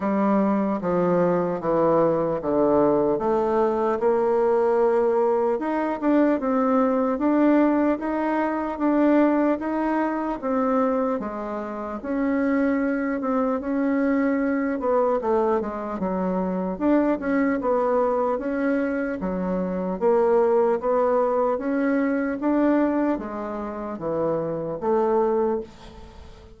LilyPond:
\new Staff \with { instrumentName = "bassoon" } { \time 4/4 \tempo 4 = 75 g4 f4 e4 d4 | a4 ais2 dis'8 d'8 | c'4 d'4 dis'4 d'4 | dis'4 c'4 gis4 cis'4~ |
cis'8 c'8 cis'4. b8 a8 gis8 | fis4 d'8 cis'8 b4 cis'4 | fis4 ais4 b4 cis'4 | d'4 gis4 e4 a4 | }